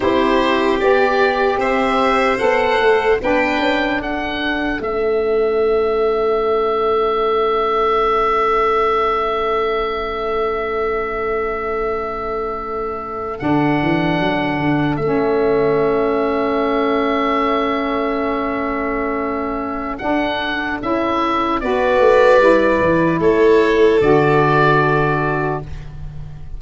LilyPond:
<<
  \new Staff \with { instrumentName = "oboe" } { \time 4/4 \tempo 4 = 75 c''4 d''4 e''4 fis''4 | g''4 fis''4 e''2~ | e''1~ | e''1~ |
e''8. fis''2 e''4~ e''16~ | e''1~ | e''4 fis''4 e''4 d''4~ | d''4 cis''4 d''2 | }
  \new Staff \with { instrumentName = "violin" } { \time 4/4 g'2 c''2 | b'4 a'2.~ | a'1~ | a'1~ |
a'1~ | a'1~ | a'2. b'4~ | b'4 a'2. | }
  \new Staff \with { instrumentName = "saxophone" } { \time 4/4 e'4 g'2 a'4 | d'2 cis'2~ | cis'1~ | cis'1~ |
cis'8. d'2 cis'4~ cis'16~ | cis'1~ | cis'4 d'4 e'4 fis'4 | e'2 fis'2 | }
  \new Staff \with { instrumentName = "tuba" } { \time 4/4 c'4 b4 c'4 b8 a8 | b8 cis'8 d'4 a2~ | a1~ | a1~ |
a8. d8 e8 fis8 d8 a4~ a16~ | a1~ | a4 d'4 cis'4 b8 a8 | g8 e8 a4 d2 | }
>>